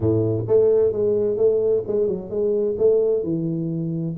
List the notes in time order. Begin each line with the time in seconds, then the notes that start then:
0.00 A2
0.47 A3
0.92 G#3
1.37 A3
1.87 G#3
2.07 F#3
2.30 G#3
2.78 A3
3.23 E3